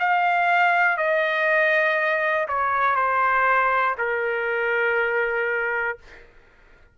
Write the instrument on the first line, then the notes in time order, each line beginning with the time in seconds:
trumpet
0.00 F5
0.98 D#5
2.48 C#5
2.96 C5
3.99 A#4